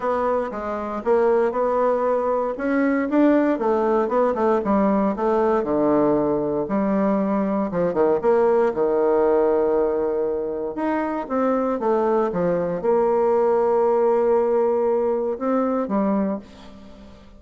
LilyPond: \new Staff \with { instrumentName = "bassoon" } { \time 4/4 \tempo 4 = 117 b4 gis4 ais4 b4~ | b4 cis'4 d'4 a4 | b8 a8 g4 a4 d4~ | d4 g2 f8 dis8 |
ais4 dis2.~ | dis4 dis'4 c'4 a4 | f4 ais2.~ | ais2 c'4 g4 | }